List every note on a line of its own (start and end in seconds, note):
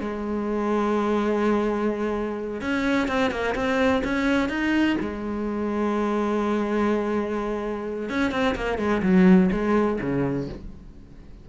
0.00 2.61 G#3
2.61 3.07 C#4
3.07 3.31 C4
3.31 3.54 A#3
3.55 4.03 C4
4.03 4.49 C#4
4.49 4.97 D#4
5.00 8.09 G#3
8.09 8.31 C#4
8.31 8.55 C4
8.55 8.78 A#3
8.78 9.02 G#3
9.02 9.50 F#3
9.52 9.99 G#3
10.01 10.48 C#3